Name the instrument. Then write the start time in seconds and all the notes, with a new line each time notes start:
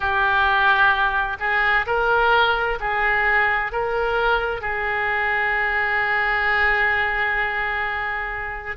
oboe
0.00 G4
1.39 G#4
1.86 A#4
2.79 G#4
3.72 A#4
4.61 G#4